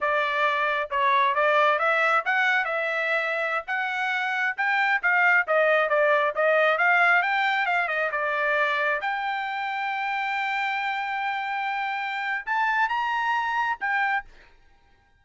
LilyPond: \new Staff \with { instrumentName = "trumpet" } { \time 4/4 \tempo 4 = 135 d''2 cis''4 d''4 | e''4 fis''4 e''2~ | e''16 fis''2 g''4 f''8.~ | f''16 dis''4 d''4 dis''4 f''8.~ |
f''16 g''4 f''8 dis''8 d''4.~ d''16~ | d''16 g''2.~ g''8.~ | g''1 | a''4 ais''2 g''4 | }